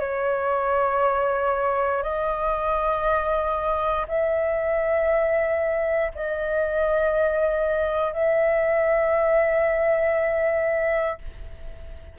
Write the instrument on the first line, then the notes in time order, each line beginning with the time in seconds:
flute
0.00 C#5
2.03 D#5
4.08 E5
6.15 D#5
8.14 E5